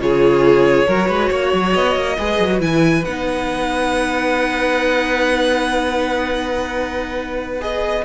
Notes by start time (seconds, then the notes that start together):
0.00 C#3 F4 G#4 C#5
0.87 F#3 F#4 A#4
1.08 G#3 B4
1.30 A#3 C#5
1.53 F#3
1.73 B3 D#5
1.96 A#3
2.18 G#3 G#4 B4
2.39 F#3
2.51 F#4
2.60 E3 E4 G#5
3.05 B3 D#4 F#5
7.61 G#4 D#5